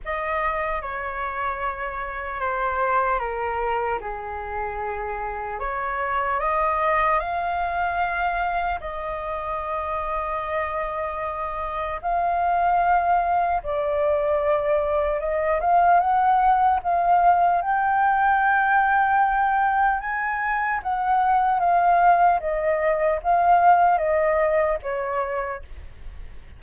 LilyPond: \new Staff \with { instrumentName = "flute" } { \time 4/4 \tempo 4 = 75 dis''4 cis''2 c''4 | ais'4 gis'2 cis''4 | dis''4 f''2 dis''4~ | dis''2. f''4~ |
f''4 d''2 dis''8 f''8 | fis''4 f''4 g''2~ | g''4 gis''4 fis''4 f''4 | dis''4 f''4 dis''4 cis''4 | }